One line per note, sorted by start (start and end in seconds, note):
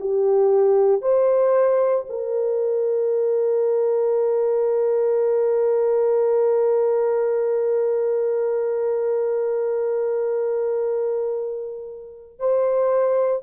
0.00 1.02 G4
1.02 2.05 C5
2.09 12.39 A#4
12.39 13.42 C5